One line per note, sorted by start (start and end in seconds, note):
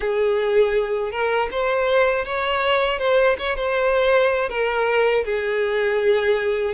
0.00 1.11 G#4
1.11 1.49 A#4
1.51 2.25 C5
2.25 2.99 C#5
2.99 3.36 C5
3.38 3.56 C#5
3.56 4.49 C5
4.49 5.24 A#4
5.24 6.73 G#4